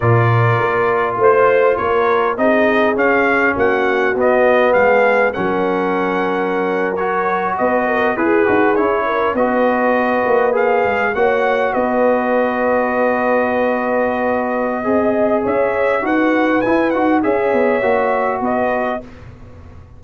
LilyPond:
<<
  \new Staff \with { instrumentName = "trumpet" } { \time 4/4 \tempo 4 = 101 d''2 c''4 cis''4 | dis''4 f''4 fis''4 dis''4 | f''4 fis''2~ fis''8. cis''16~ | cis''8. dis''4 b'4 cis''4 dis''16~ |
dis''4.~ dis''16 f''4 fis''4 dis''16~ | dis''1~ | dis''2 e''4 fis''4 | gis''8 fis''8 e''2 dis''4 | }
  \new Staff \with { instrumentName = "horn" } { \time 4/4 ais'2 c''4 ais'4 | gis'2 fis'2 | gis'4 ais'2.~ | ais'8. b'8 ais'8 gis'4. ais'8 b'16~ |
b'2~ b'8. cis''4 b'16~ | b'1~ | b'4 dis''4 cis''4 b'4~ | b'4 cis''2 b'4 | }
  \new Staff \with { instrumentName = "trombone" } { \time 4/4 f'1 | dis'4 cis'2 b4~ | b4 cis'2~ cis'8. fis'16~ | fis'4.~ fis'16 gis'8 fis'8 e'4 fis'16~ |
fis'4.~ fis'16 gis'4 fis'4~ fis'16~ | fis'1~ | fis'4 gis'2 fis'4 | e'8 fis'8 gis'4 fis'2 | }
  \new Staff \with { instrumentName = "tuba" } { \time 4/4 ais,4 ais4 a4 ais4 | c'4 cis'4 ais4 b4 | gis4 fis2.~ | fis8. b4 e'8 dis'8 cis'4 b16~ |
b4~ b16 ais4 gis8 ais4 b16~ | b1~ | b4 c'4 cis'4 dis'4 | e'8 dis'8 cis'8 b8 ais4 b4 | }
>>